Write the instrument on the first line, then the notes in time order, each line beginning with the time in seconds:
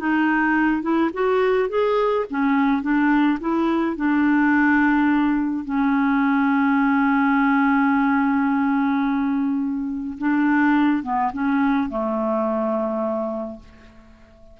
clarinet
0.00 D#4
0.82 E4
1.13 F#4
1.69 G#4
2.30 C#4
2.82 D4
3.40 E4
3.96 D4
5.65 C#4
10.18 D4
11.03 B3
11.33 C#4
11.89 A3